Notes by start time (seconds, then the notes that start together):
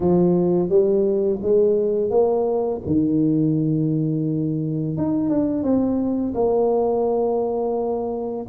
0.00 F3
0.69 G3
1.41 G#3
2.10 A#3
2.86 D#3
4.97 D#4
5.29 D4
5.63 C4
6.34 A#3